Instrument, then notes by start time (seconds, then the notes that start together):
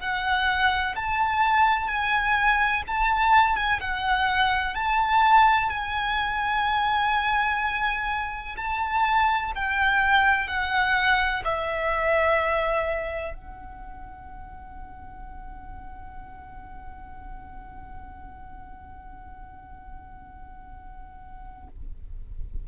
violin
0.00 F#5
0.95 A5
1.87 G#5
2.87 A5
3.56 G#5
3.80 F#5
4.75 A5
5.70 G#5
8.56 A5
9.55 G5
10.47 F#5
11.44 E5
13.34 F#5